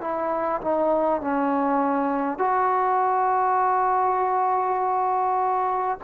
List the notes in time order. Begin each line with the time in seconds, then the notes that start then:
0.00 E4
0.61 D#4
1.21 C#4
2.38 F#4